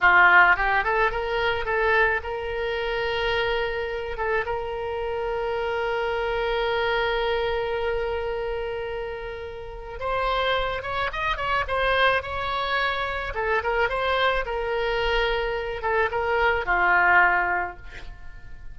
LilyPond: \new Staff \with { instrumentName = "oboe" } { \time 4/4 \tempo 4 = 108 f'4 g'8 a'8 ais'4 a'4 | ais'2.~ ais'8 a'8 | ais'1~ | ais'1~ |
ais'2 c''4. cis''8 | dis''8 cis''8 c''4 cis''2 | a'8 ais'8 c''4 ais'2~ | ais'8 a'8 ais'4 f'2 | }